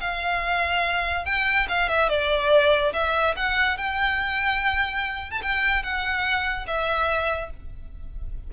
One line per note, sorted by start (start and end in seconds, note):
0.00 1.25 F5
1.25 1.67 G5
1.68 1.88 F5
1.88 2.09 E5
2.09 2.92 D5
2.93 3.34 E5
3.36 3.77 F#5
3.77 5.31 G5
5.31 5.41 A5
5.42 5.83 G5
5.83 6.66 F#5
6.67 7.50 E5